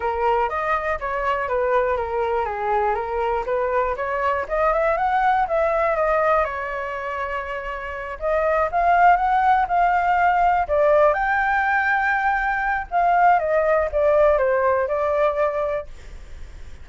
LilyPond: \new Staff \with { instrumentName = "flute" } { \time 4/4 \tempo 4 = 121 ais'4 dis''4 cis''4 b'4 | ais'4 gis'4 ais'4 b'4 | cis''4 dis''8 e''8 fis''4 e''4 | dis''4 cis''2.~ |
cis''8 dis''4 f''4 fis''4 f''8~ | f''4. d''4 g''4.~ | g''2 f''4 dis''4 | d''4 c''4 d''2 | }